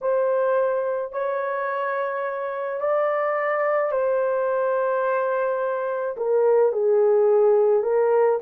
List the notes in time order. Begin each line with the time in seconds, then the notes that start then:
0.01 C5
1.12 C#5
2.80 D5
3.91 C5
6.17 A#4
6.72 G#4
7.82 A#4